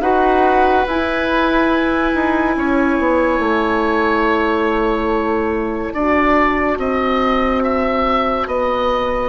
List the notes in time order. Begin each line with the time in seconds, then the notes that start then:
0.00 D#4 F#4 B4 F#5
0.86 E4 G#5
2.14 D#4
2.56 C#4 C#5
2.99 B3
3.39 A3
4.24 A5
5.93 D4 F#4 D5
6.78 C4 D#5
7.63 E5
8.46 B3 D#5